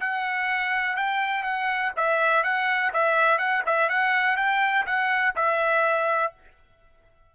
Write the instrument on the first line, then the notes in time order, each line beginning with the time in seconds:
trumpet
0.00 F#5
0.96 G5
1.43 F#5
1.96 E5
2.44 F#5
2.93 E5
3.39 F#5
3.66 E5
3.90 F#5
4.37 G5
4.86 F#5
5.36 E5